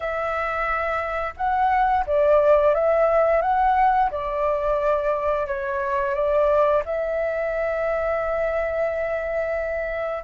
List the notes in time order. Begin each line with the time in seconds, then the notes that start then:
0.00 E5
1.36 F#5
2.06 D5
2.74 E5
3.41 F#5
4.10 D5
5.47 C#5
6.14 D5
6.85 E5